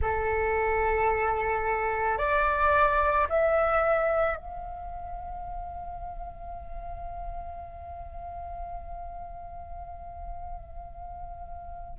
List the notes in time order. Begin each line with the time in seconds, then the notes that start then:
0.01 A4
2.18 D5
3.29 E5
4.36 F5